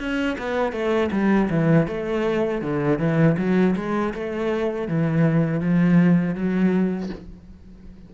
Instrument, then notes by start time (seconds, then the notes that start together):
cello
0.00 C#4
0.39 B3
0.73 A3
1.12 G3
1.50 E3
1.88 A3
2.62 D3
2.99 E3
3.38 F#3
3.76 G#3
4.14 A3
4.89 E3
5.61 F3
6.35 F#3